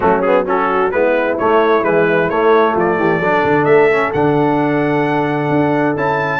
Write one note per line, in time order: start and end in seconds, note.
0.00 0.92 F#3
0.00 0.22 A3
0.00 0.45 C#4
0.00 0.21 F#4
0.21 0.45 B3
0.21 0.44 G#4
0.45 0.91 C#4
0.45 0.93 F#4
0.45 0.91 A4
0.91 1.38 G#3
0.91 1.37 B3
0.91 2.72 E4
0.91 1.37 B4
1.38 1.83 A3
1.38 1.84 C#5
1.83 2.29 E3
1.83 2.28 G#3
1.83 2.29 B4
2.29 2.74 A3
2.29 3.22 A3
2.29 2.75 C#5
2.72 2.97 F3
2.72 2.95 F4
2.79 3.64 D5
2.97 3.19 E3
2.97 3.19 G4
3.19 3.42 F#3
3.19 3.91 D4
3.19 6.40 A4
3.43 3.65 D3
3.64 4.11 A3
3.64 4.10 E5
3.91 4.14 C#4
4.13 5.49 D3
4.13 5.97 D4
4.13 5.96 F#5
5.49 5.95 D4
5.96 6.40 C#4
5.96 6.40 E4
5.96 6.40 A5